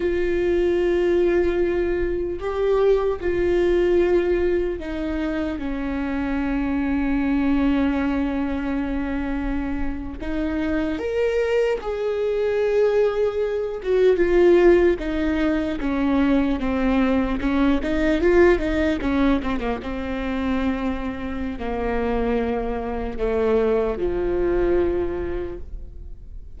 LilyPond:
\new Staff \with { instrumentName = "viola" } { \time 4/4 \tempo 4 = 75 f'2. g'4 | f'2 dis'4 cis'4~ | cis'1~ | cis'8. dis'4 ais'4 gis'4~ gis'16~ |
gis'4~ gis'16 fis'8 f'4 dis'4 cis'16~ | cis'8. c'4 cis'8 dis'8 f'8 dis'8 cis'16~ | cis'16 c'16 ais16 c'2~ c'16 ais4~ | ais4 a4 f2 | }